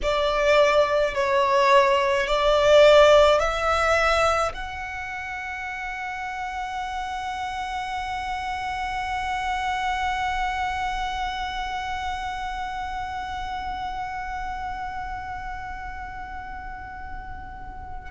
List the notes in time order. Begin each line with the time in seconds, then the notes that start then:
0.02 D5
1.14 C#5
2.26 D5
3.39 E5
4.53 F#5